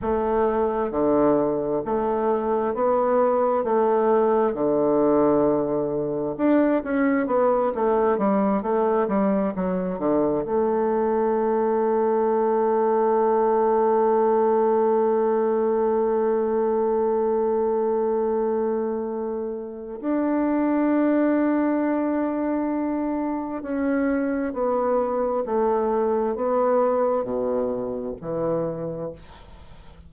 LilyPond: \new Staff \with { instrumentName = "bassoon" } { \time 4/4 \tempo 4 = 66 a4 d4 a4 b4 | a4 d2 d'8 cis'8 | b8 a8 g8 a8 g8 fis8 d8 a8~ | a1~ |
a1~ | a2 d'2~ | d'2 cis'4 b4 | a4 b4 b,4 e4 | }